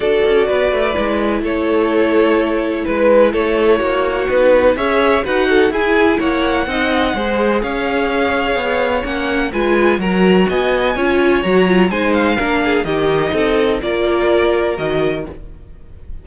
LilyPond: <<
  \new Staff \with { instrumentName = "violin" } { \time 4/4 \tempo 4 = 126 d''2. cis''4~ | cis''2 b'4 cis''4~ | cis''4 b'4 e''4 fis''4 | gis''4 fis''2. |
f''2. fis''4 | gis''4 ais''4 gis''2 | ais''4 gis''8 f''4. dis''4~ | dis''4 d''2 dis''4 | }
  \new Staff \with { instrumentName = "violin" } { \time 4/4 a'4 b'2 a'4~ | a'2 b'4 a'4 | fis'2 cis''4 b'8 a'8 | gis'4 cis''4 dis''4 c''4 |
cis''1 | b'4 ais'4 dis''4 cis''4~ | cis''4 c''4 ais'8 gis'8 g'4 | a'4 ais'2. | }
  \new Staff \with { instrumentName = "viola" } { \time 4/4 fis'2 e'2~ | e'1~ | e'4 dis'4 gis'4 fis'4 | e'2 dis'4 gis'4~ |
gis'2. cis'4 | f'4 fis'2 f'4 | fis'8 f'8 dis'4 d'4 dis'4~ | dis'4 f'2 fis'4 | }
  \new Staff \with { instrumentName = "cello" } { \time 4/4 d'8 cis'8 b8 a8 gis4 a4~ | a2 gis4 a4 | ais4 b4 cis'4 dis'4 | e'4 ais4 c'4 gis4 |
cis'2 b4 ais4 | gis4 fis4 b4 cis'4 | fis4 gis4 ais4 dis4 | c'4 ais2 dis4 | }
>>